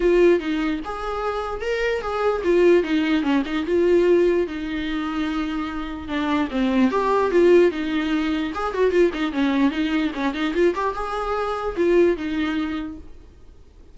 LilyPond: \new Staff \with { instrumentName = "viola" } { \time 4/4 \tempo 4 = 148 f'4 dis'4 gis'2 | ais'4 gis'4 f'4 dis'4 | cis'8 dis'8 f'2 dis'4~ | dis'2. d'4 |
c'4 g'4 f'4 dis'4~ | dis'4 gis'8 fis'8 f'8 dis'8 cis'4 | dis'4 cis'8 dis'8 f'8 g'8 gis'4~ | gis'4 f'4 dis'2 | }